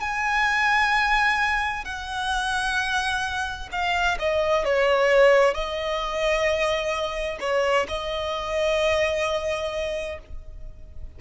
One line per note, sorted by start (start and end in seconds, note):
0.00 1.85 G#5
1.85 3.69 F#5
3.71 4.17 F5
4.19 4.64 D#5
4.64 5.54 C#5
5.54 7.38 D#5
7.40 7.86 C#5
7.88 10.19 D#5